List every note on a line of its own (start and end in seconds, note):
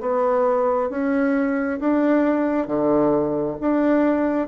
0.00 0.90 B3
0.90 1.79 C#4
1.80 2.67 D4
2.67 3.57 D3
3.61 4.48 D4